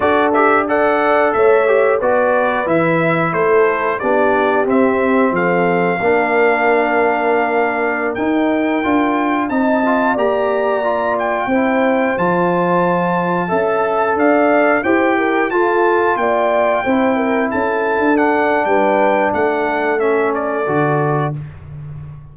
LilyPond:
<<
  \new Staff \with { instrumentName = "trumpet" } { \time 4/4 \tempo 4 = 90 d''8 e''8 fis''4 e''4 d''4 | e''4 c''4 d''4 e''4 | f''1~ | f''16 g''2 a''4 ais''8.~ |
ais''8. g''4. a''4.~ a''16~ | a''4~ a''16 f''4 g''4 a''8.~ | a''16 g''2 a''4 fis''8. | g''4 fis''4 e''8 d''4. | }
  \new Staff \with { instrumentName = "horn" } { \time 4/4 a'4 d''4 cis''4 b'4~ | b'4 a'4 g'2 | a'4 ais'2.~ | ais'2~ ais'16 dis''4 d''8.~ |
d''4~ d''16 c''2~ c''8.~ | c''16 e''4 d''4 c''8 ais'8 a'8.~ | a'16 d''4 c''8 ais'8 a'4.~ a'16 | b'4 a'2. | }
  \new Staff \with { instrumentName = "trombone" } { \time 4/4 fis'8 g'8 a'4. g'8 fis'4 | e'2 d'4 c'4~ | c'4 d'2.~ | d'16 dis'4 f'4 dis'8 f'8 g'8.~ |
g'16 f'4 e'4 f'4.~ f'16~ | f'16 a'2 g'4 f'8.~ | f'4~ f'16 e'2 d'8.~ | d'2 cis'4 fis'4 | }
  \new Staff \with { instrumentName = "tuba" } { \time 4/4 d'2 a4 b4 | e4 a4 b4 c'4 | f4 ais2.~ | ais16 dis'4 d'4 c'4 ais8.~ |
ais4~ ais16 c'4 f4.~ f16~ | f16 cis'4 d'4 e'4 f'8.~ | f'16 ais4 c'4 cis'8. d'4 | g4 a2 d4 | }
>>